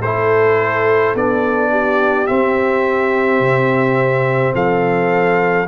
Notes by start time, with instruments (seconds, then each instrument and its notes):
0.00 tuba A3, trombone E4, horn A4, trumpet C5
1.14 tuba B3, trombone D4, trumpet D5
1.71 horn G4
2.27 trombone C4, tuba C4, trumpet E5
3.40 tuba C3
4.54 tuba F3, horn A4, trumpet F5